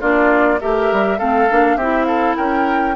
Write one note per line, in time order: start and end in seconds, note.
0.00 0.60 A#3
0.00 0.59 D4
0.00 0.59 F4
0.00 0.60 D5
0.60 0.91 A3
0.60 1.18 G4
0.60 1.18 A#4
0.60 1.18 E5
0.91 1.20 G3
1.18 1.49 A3
1.18 1.48 C4
1.18 1.76 A4
1.18 1.77 F5
1.50 1.76 A#3
1.50 1.79 D4
1.76 2.35 C4
1.76 2.95 E4
1.76 2.06 G4
1.76 2.05 E5
2.05 2.36 A4
2.05 2.34 F5
2.36 2.95 C#4
2.36 2.95 A#4
2.36 2.95 G5